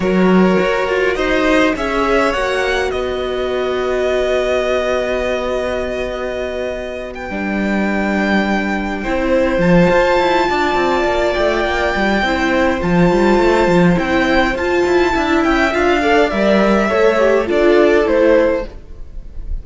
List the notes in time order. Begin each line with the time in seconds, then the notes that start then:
0.00 F#3 F#4 A#4 C#5
0.59 F#4
0.88 F4
1.15 D#4 C5 D#5
1.75 C#4 G#4 C#5 E5
2.33 A#3 F#4 F#5
2.88 B3 B4 D#5
7.14 G5
7.29 G3 D4
9.03 C4 E4 C5
9.58 F3 F4 A5
9.90 F4
10.18 E4
10.49 D4 D5
10.75 C4
11.04 A#3
11.33 A3 G5
11.65 A#3
11.95 G3
12.22 C4 E4 C5
12.80 F3 F4 A5
13.11 G3
13.38 A3
13.67 F3
13.95 C4 E4 G5
14.54 F4 A5
14.85 E4
15.12 D4 E4 E5
15.43 C#4 G5
15.72 D4 F4 F5
16.00 A4 D5
16.30 G3 A#4 E5
16.88 A3 A4 C#5
17.18 G4
17.46 D4 F4 A4 D5
18.04 A3 E4 C5